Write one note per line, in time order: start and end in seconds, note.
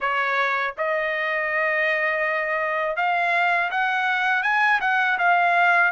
0.00 0.74 C#5
0.77 2.96 D#5
2.96 3.70 F5
3.70 4.42 F#5
4.42 4.79 G#5
4.80 5.18 F#5
5.18 5.91 F5